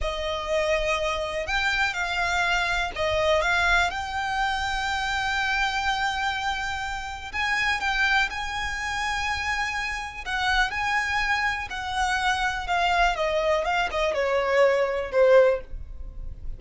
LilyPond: \new Staff \with { instrumentName = "violin" } { \time 4/4 \tempo 4 = 123 dis''2. g''4 | f''2 dis''4 f''4 | g''1~ | g''2. gis''4 |
g''4 gis''2.~ | gis''4 fis''4 gis''2 | fis''2 f''4 dis''4 | f''8 dis''8 cis''2 c''4 | }